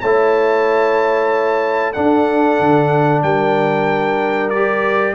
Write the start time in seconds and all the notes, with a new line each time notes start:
0.00 A3 E4 C#5 A5
1.93 D4 A4 F#5
2.60 D3
3.23 G3 A#4 G5
4.50 G4 D5